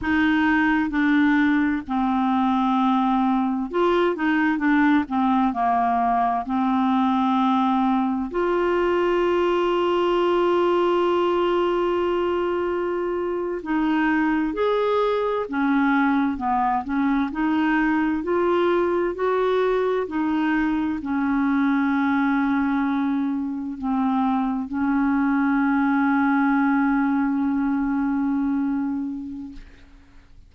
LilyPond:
\new Staff \with { instrumentName = "clarinet" } { \time 4/4 \tempo 4 = 65 dis'4 d'4 c'2 | f'8 dis'8 d'8 c'8 ais4 c'4~ | c'4 f'2.~ | f'2~ f'8. dis'4 gis'16~ |
gis'8. cis'4 b8 cis'8 dis'4 f'16~ | f'8. fis'4 dis'4 cis'4~ cis'16~ | cis'4.~ cis'16 c'4 cis'4~ cis'16~ | cis'1 | }